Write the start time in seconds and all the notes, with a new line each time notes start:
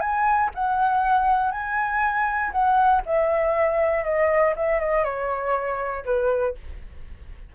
0.00 G#5
0.55 F#5
1.51 G#5
2.52 F#5
3.05 E5
4.04 D#5
4.56 E5
4.80 D#5
5.04 C#5
6.05 B4